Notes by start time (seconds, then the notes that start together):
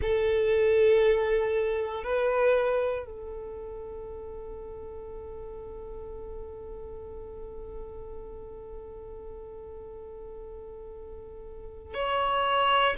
0.01 A4
2.03 B4
3.05 A4
11.94 C#5